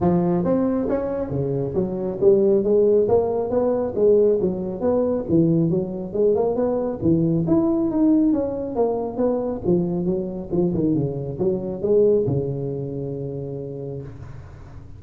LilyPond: \new Staff \with { instrumentName = "tuba" } { \time 4/4 \tempo 4 = 137 f4 c'4 cis'4 cis4 | fis4 g4 gis4 ais4 | b4 gis4 fis4 b4 | e4 fis4 gis8 ais8 b4 |
e4 e'4 dis'4 cis'4 | ais4 b4 f4 fis4 | f8 dis8 cis4 fis4 gis4 | cis1 | }